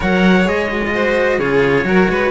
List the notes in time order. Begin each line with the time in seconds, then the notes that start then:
0.00 F#3 A#4 C#5 F#5
0.44 G#3 G#4 D#5
0.69 F#4
0.84 F4
0.93 F#4 C5
1.38 C#3 F4 G#4 C#5
1.83 F#3 F#4 A#4
2.09 G#3 B4